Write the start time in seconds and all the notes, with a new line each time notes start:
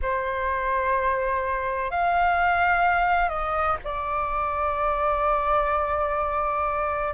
0.02 C5
1.90 F5
3.29 D#5
3.84 D5